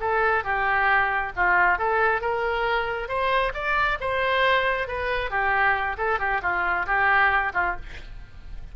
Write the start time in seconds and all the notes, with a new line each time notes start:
0.00 A4
0.44 G4
1.36 F4
1.78 A4
2.21 A#4
3.08 C5
3.54 D5
4.00 C5
4.87 B4
5.30 G4
5.97 A4
6.19 G4
6.42 F4
6.86 G4
7.54 F4